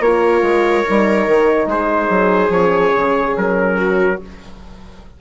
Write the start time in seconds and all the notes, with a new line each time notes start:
0.00 A#3 F4 A#4 C#5
0.42 G#3
0.85 G3 D#4
1.27 D#3
1.66 G#3 G#4 C5
2.09 F#3
2.49 F3 C#4 C#5
2.95 C#3
3.37 F#3 A#4
3.76 F#4